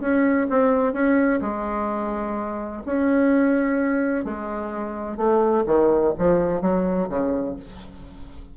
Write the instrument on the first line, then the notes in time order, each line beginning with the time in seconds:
bassoon
0.00 C#4
0.50 C4
0.93 C#4
1.41 G#3
2.86 C#4
4.24 G#3
5.17 A3
5.66 D#3
6.18 F3
6.61 F#3
7.09 C#3